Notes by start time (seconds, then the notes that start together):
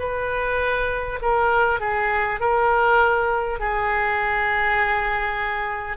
0.00 B4
1.22 A#4
1.81 G#4
2.41 A#4
3.60 G#4